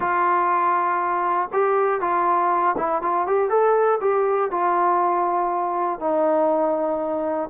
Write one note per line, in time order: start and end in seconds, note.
0.00 1.49 F4
1.52 2.00 G4
2.00 2.75 F4
2.77 3.02 E4
3.02 3.26 F4
3.26 3.49 G4
3.49 3.99 A4
4.00 4.50 G4
4.50 5.99 F4
5.99 7.49 D#4